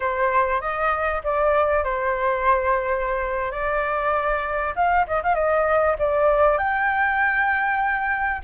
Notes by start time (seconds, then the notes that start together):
0.00 C5
0.60 D#5
1.23 D5
1.84 C5
3.51 D5
4.75 F5
5.06 D#5
5.23 F5
5.34 D#5
5.98 D5
6.58 G5